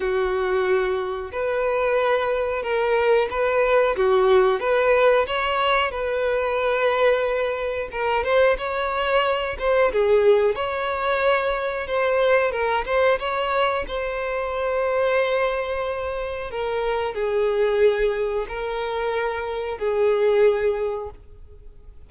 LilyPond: \new Staff \with { instrumentName = "violin" } { \time 4/4 \tempo 4 = 91 fis'2 b'2 | ais'4 b'4 fis'4 b'4 | cis''4 b'2. | ais'8 c''8 cis''4. c''8 gis'4 |
cis''2 c''4 ais'8 c''8 | cis''4 c''2.~ | c''4 ais'4 gis'2 | ais'2 gis'2 | }